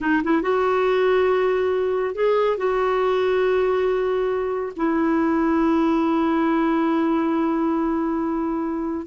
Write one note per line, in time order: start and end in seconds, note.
0.00 0.22 D#4
0.23 0.42 E4
0.42 2.14 F#4
2.14 2.57 G#4
2.57 4.73 F#4
4.76 9.06 E4